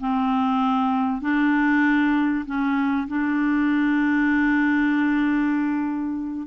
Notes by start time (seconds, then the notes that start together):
0.00 C4
1.21 D4
2.45 C#4
3.08 D4